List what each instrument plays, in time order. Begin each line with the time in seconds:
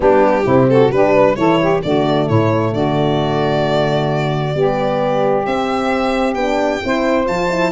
0.00 tuba G3, horn B3, saxophone D4, violin G4
0.44 tuba C3, horn C4, saxophone E4
0.69 saxophone F#4, violin A4
0.90 tuba G3, horn D4, saxophone G4, violin B4
1.15 saxophone B4
1.35 tuba E3, horn E4, saxophone A4, violin C#5
1.60 saxophone G4
1.82 tuba D3, horn A3, saxophone F#4, violin D5
2.26 tuba A2, saxophone E4, violin C#5
2.72 tuba D3, saxophone F#4, violin D5
4.54 tuba G3, horn B3, saxophone G4
5.45 horn C4, tuba C4, violin E5
6.34 tuba B3, horn D4, violin G5
6.82 tuba C4, horn E4, saxophone C5
7.26 tuba F3, horn F4, violin A5
7.50 horn E4